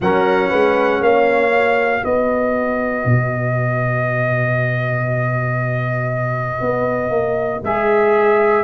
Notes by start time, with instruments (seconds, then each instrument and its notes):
0.00 tuba F#3, trombone C#4, horn A#4, trumpet F#5
0.49 tuba G#3, horn B4
1.00 tuba A#3, horn C#5, trumpet F5
1.51 trombone F#4
2.01 tuba B3, horn B4, trumpet D#5
3.05 tuba B2
6.61 tuba B3
7.10 tuba A#3
7.62 tuba G#3, trombone G#4, trumpet E5